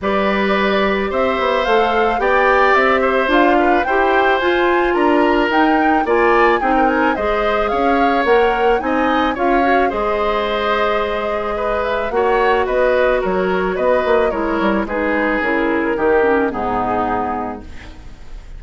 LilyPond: <<
  \new Staff \with { instrumentName = "flute" } { \time 4/4 \tempo 4 = 109 d''2 e''4 f''4 | g''4 e''4 f''4 g''4 | gis''4 ais''4 g''4 gis''4 | g''8 gis''8 dis''4 f''4 fis''4 |
gis''4 f''4 dis''2~ | dis''4. e''8 fis''4 dis''4 | cis''4 dis''4 cis''4 b'4 | ais'2 gis'2 | }
  \new Staff \with { instrumentName = "oboe" } { \time 4/4 b'2 c''2 | d''4. c''4 b'8 c''4~ | c''4 ais'2 d''4 | gis'16 ais'8. c''4 cis''2 |
dis''4 cis''4 c''2~ | c''4 b'4 cis''4 b'4 | ais'4 b'4 ais'4 gis'4~ | gis'4 g'4 dis'2 | }
  \new Staff \with { instrumentName = "clarinet" } { \time 4/4 g'2. a'4 | g'2 f'4 g'4 | f'2 dis'4 f'4 | dis'4 gis'2 ais'4 |
dis'4 f'8 fis'8 gis'2~ | gis'2 fis'2~ | fis'2 e'4 dis'4 | e'4 dis'8 cis'8 b2 | }
  \new Staff \with { instrumentName = "bassoon" } { \time 4/4 g2 c'8 b8 a4 | b4 c'4 d'4 e'4 | f'4 d'4 dis'4 ais4 | c'4 gis4 cis'4 ais4 |
c'4 cis'4 gis2~ | gis2 ais4 b4 | fis4 b8 ais8 gis8 g8 gis4 | cis4 dis4 gis,2 | }
>>